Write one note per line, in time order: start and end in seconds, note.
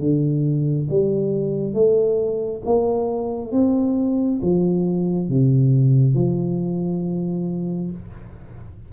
0.00 0.88 D3
0.90 1.74 G3
1.74 2.62 A3
2.66 3.52 A#3
3.52 4.40 C4
4.42 5.29 F3
5.29 6.15 C3
6.15 7.91 F3